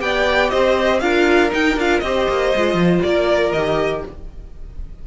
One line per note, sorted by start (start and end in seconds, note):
0.00 0.52 B3
0.00 1.01 G4
0.00 0.52 D5
0.00 0.50 G5
0.50 1.02 C4
0.50 1.02 C5
0.50 1.00 D#5
1.00 1.52 D4
1.00 1.51 F4
1.00 2.04 A#4
1.00 1.51 F5
1.51 1.76 D#4
1.51 1.77 D#4
1.51 1.79 G5
1.77 2.02 D4
1.77 2.04 F4
1.77 2.00 F5
2.00 2.28 C4
2.00 2.55 G4
2.00 3.01 D#5
2.06 3.06 C5
2.29 2.54 A#3
2.56 2.75 G#3
2.56 3.57 F4
2.75 3.00 F3
3.03 3.53 A#3
3.03 4.07 A#4
3.03 3.52 D5
3.52 4.03 D#3
3.52 4.07 G4
3.52 4.03 D#5